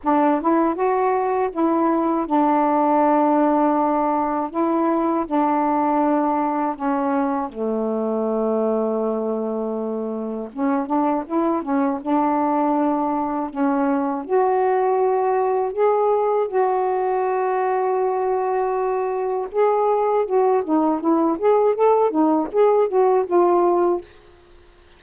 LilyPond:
\new Staff \with { instrumentName = "saxophone" } { \time 4/4 \tempo 4 = 80 d'8 e'8 fis'4 e'4 d'4~ | d'2 e'4 d'4~ | d'4 cis'4 a2~ | a2 cis'8 d'8 e'8 cis'8 |
d'2 cis'4 fis'4~ | fis'4 gis'4 fis'2~ | fis'2 gis'4 fis'8 dis'8 | e'8 gis'8 a'8 dis'8 gis'8 fis'8 f'4 | }